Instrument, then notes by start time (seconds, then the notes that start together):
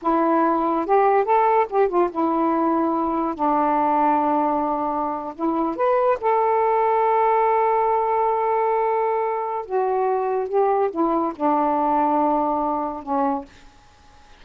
saxophone
0.02 E4
0.86 G4
1.24 A4
1.69 G4
1.88 F4
2.11 E4
3.35 D4
5.35 E4
5.76 B4
6.20 A4
9.65 F#4
10.48 G4
10.91 E4
11.35 D4
13.02 C#4